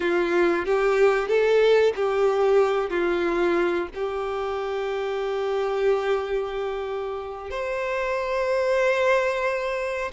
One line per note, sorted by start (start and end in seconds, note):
0.00 0.65 F4
0.65 1.27 G4
1.27 1.93 A4
1.95 2.90 G4
2.90 3.87 F4
3.94 7.50 G4
7.50 10.11 C5